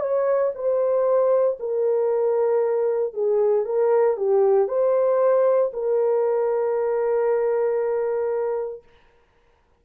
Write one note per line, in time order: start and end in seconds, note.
0.00 0.52 C#5
0.55 1.58 C5
1.59 3.14 A#4
3.14 3.65 G#4
3.65 4.17 A#4
4.17 4.68 G4
4.68 5.71 C5
5.73 8.83 A#4